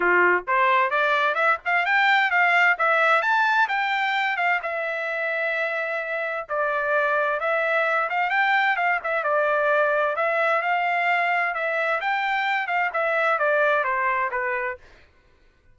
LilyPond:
\new Staff \with { instrumentName = "trumpet" } { \time 4/4 \tempo 4 = 130 f'4 c''4 d''4 e''8 f''8 | g''4 f''4 e''4 a''4 | g''4. f''8 e''2~ | e''2 d''2 |
e''4. f''8 g''4 f''8 e''8 | d''2 e''4 f''4~ | f''4 e''4 g''4. f''8 | e''4 d''4 c''4 b'4 | }